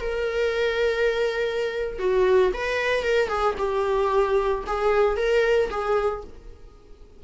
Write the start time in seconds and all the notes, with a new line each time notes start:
0.00 A#4
1.99 F#4
2.53 B4
3.03 A#4
3.28 G#4
3.58 G4
4.67 G#4
5.16 A#4
5.70 G#4